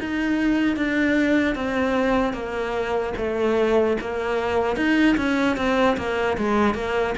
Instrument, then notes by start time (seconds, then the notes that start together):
cello
0.00 D#4
0.76 D4
1.55 C4
2.33 A#3
3.17 A3
4.01 A#3
4.76 D#4
5.17 C#4
5.57 C4
5.97 A#3
6.37 G#3
6.75 A#3